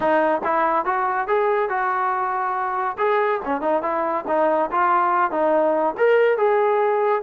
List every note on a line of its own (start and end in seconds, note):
0.00 0.41 D#4
0.44 0.85 E4
0.85 1.27 F#4
1.27 1.69 G#4
1.69 2.97 F#4
2.98 3.40 G#4
3.44 3.61 C#4
3.61 3.82 D#4
3.82 4.24 E4
4.27 4.70 D#4
4.71 5.31 F4
5.31 5.95 D#4
5.97 6.37 A#4
6.37 7.22 G#4